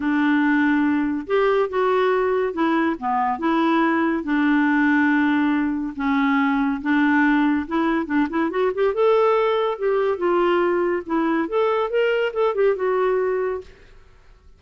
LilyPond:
\new Staff \with { instrumentName = "clarinet" } { \time 4/4 \tempo 4 = 141 d'2. g'4 | fis'2 e'4 b4 | e'2 d'2~ | d'2 cis'2 |
d'2 e'4 d'8 e'8 | fis'8 g'8 a'2 g'4 | f'2 e'4 a'4 | ais'4 a'8 g'8 fis'2 | }